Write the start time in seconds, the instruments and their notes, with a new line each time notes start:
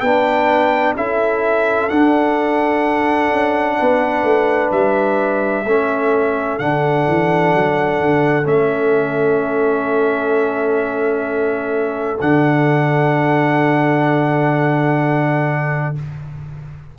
0.00 tuba B3, trombone D4, horn B4, trumpet G5
0.96 tuba C#4, trombone E4, horn A4, trumpet E5
1.89 trombone D4, tuba D4, trumpet F#5
3.31 tuba C#4
3.78 tuba B3, horn B4
4.23 tuba A3
4.71 tuba G3, trumpet E5
5.65 tuba A3, trombone C#4, horn A4
6.59 tuba D3, trombone D4, trumpet F#5
7.07 tuba E3
7.54 tuba F#3
8.00 tuba D3
8.43 tuba A3, trombone C#4, trumpet E5
12.20 tuba D3, trombone D4, trumpet F#5